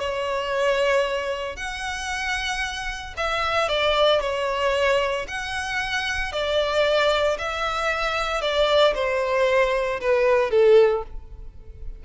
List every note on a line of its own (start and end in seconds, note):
0.00 1.56 C#5
1.56 3.14 F#5
3.17 3.69 E5
3.69 4.21 D5
4.21 5.26 C#5
5.28 6.32 F#5
6.32 7.38 D5
7.39 8.42 E5
8.42 8.94 D5
8.95 10.00 C5
10.01 10.51 B4
10.51 11.04 A4